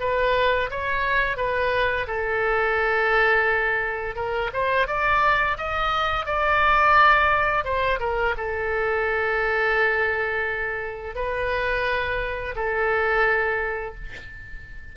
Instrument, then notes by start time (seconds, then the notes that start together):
oboe
0.00 B4
0.70 C#5
1.37 B4
2.07 A4
4.15 A#4
4.53 C5
4.87 D5
5.57 D#5
6.25 D5
7.64 C5
7.99 A#4
8.37 A4
11.15 B4
12.55 A4